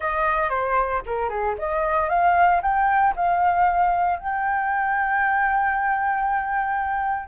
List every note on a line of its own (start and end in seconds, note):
0.00 0.49 D#5
0.49 1.02 C5
1.06 1.29 A#4
1.29 1.55 G#4
1.58 2.09 D#5
2.09 2.61 F5
2.62 3.14 G5
3.16 4.19 F5
4.19 7.28 G5